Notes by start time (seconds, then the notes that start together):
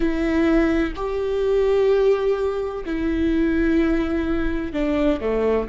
0.00 E4
0.95 G4
2.85 E4
4.72 D4
5.20 A3